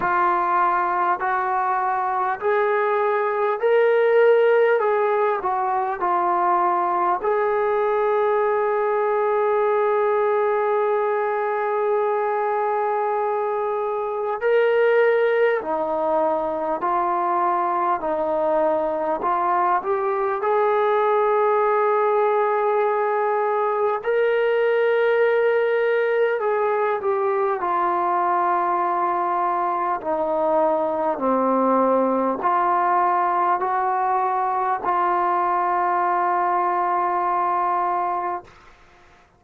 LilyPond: \new Staff \with { instrumentName = "trombone" } { \time 4/4 \tempo 4 = 50 f'4 fis'4 gis'4 ais'4 | gis'8 fis'8 f'4 gis'2~ | gis'1 | ais'4 dis'4 f'4 dis'4 |
f'8 g'8 gis'2. | ais'2 gis'8 g'8 f'4~ | f'4 dis'4 c'4 f'4 | fis'4 f'2. | }